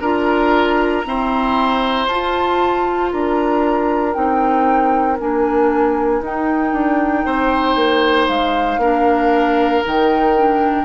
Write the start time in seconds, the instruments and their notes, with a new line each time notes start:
0.00 bassoon D4, clarinet F4, oboe A#4, flute A#5
1.05 clarinet C4, bassoon E4, oboe C5
2.07 bassoon F4, clarinet F4, flute A5
3.12 bassoon D4, oboe A#4, flute A#5
4.14 bassoon C4, clarinet D#4, flute G5
5.20 bassoon A#3, clarinet D4, flute G#5
6.22 bassoon D#4, clarinet D#4, flute G5
6.73 bassoon D4
7.26 bassoon C4, oboe C5
7.76 bassoon A#3
8.29 bassoon G#3, flute F5
8.78 bassoon A#3, clarinet D4, oboe A#4
9.84 bassoon D#3, clarinet D#4, flute G5
10.37 clarinet D4